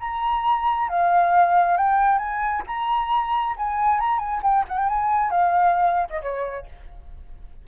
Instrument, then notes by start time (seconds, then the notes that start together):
flute
0.00 A#5
0.89 F5
1.77 G5
2.19 G#5
2.67 A#5
3.57 G#5
4.00 A#5
4.19 G#5
4.43 G5
4.68 F#5
4.78 G5
4.89 G#5
5.31 F5
6.10 D#5
6.22 C#5